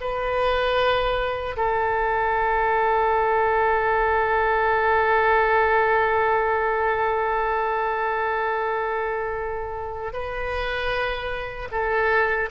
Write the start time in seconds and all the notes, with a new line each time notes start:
0.00 B4
1.56 A4
10.13 B4
11.71 A4